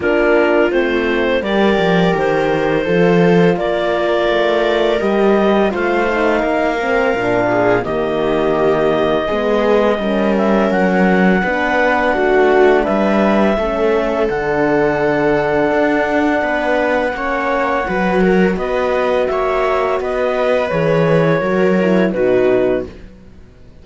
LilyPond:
<<
  \new Staff \with { instrumentName = "clarinet" } { \time 4/4 \tempo 4 = 84 ais'4 c''4 d''4 c''4~ | c''4 d''2 dis''4 | f''2. dis''4~ | dis''2~ dis''8 e''8 fis''4~ |
fis''2 e''2 | fis''1~ | fis''2 dis''4 e''4 | dis''4 cis''2 b'4 | }
  \new Staff \with { instrumentName = "viola" } { \time 4/4 f'2 ais'2 | a'4 ais'2. | c''4 ais'4. gis'8 g'4~ | g'4 gis'4 ais'2 |
b'4 fis'4 b'4 a'4~ | a'2. b'4 | cis''4 b'8 ais'8 b'4 cis''4 | b'2 ais'4 fis'4 | }
  \new Staff \with { instrumentName = "horn" } { \time 4/4 d'4 c'4 g'2 | f'2. g'4 | f'8 dis'4 c'8 d'4 ais4~ | ais4 b4 cis'2 |
d'2. cis'4 | d'1 | cis'4 fis'2.~ | fis'4 gis'4 fis'8 e'8 dis'4 | }
  \new Staff \with { instrumentName = "cello" } { \time 4/4 ais4 a4 g8 f8 dis4 | f4 ais4 a4 g4 | a4 ais4 ais,4 dis4~ | dis4 gis4 g4 fis4 |
b4 a4 g4 a4 | d2 d'4 b4 | ais4 fis4 b4 ais4 | b4 e4 fis4 b,4 | }
>>